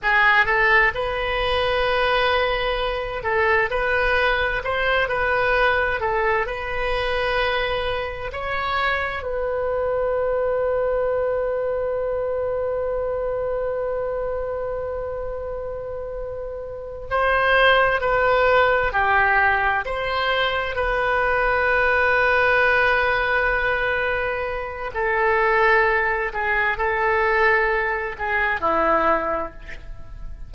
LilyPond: \new Staff \with { instrumentName = "oboe" } { \time 4/4 \tempo 4 = 65 gis'8 a'8 b'2~ b'8 a'8 | b'4 c''8 b'4 a'8 b'4~ | b'4 cis''4 b'2~ | b'1~ |
b'2~ b'8 c''4 b'8~ | b'8 g'4 c''4 b'4.~ | b'2. a'4~ | a'8 gis'8 a'4. gis'8 e'4 | }